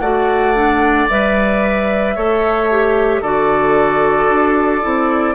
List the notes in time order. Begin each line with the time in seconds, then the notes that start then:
0.00 A3 F#4 D5 F#5
0.55 D4
1.10 G3 B4 E5
2.16 A3 A4 C#5
2.71 G4
3.22 D3 F#4 A4 D5
4.29 D4
4.82 C4 E4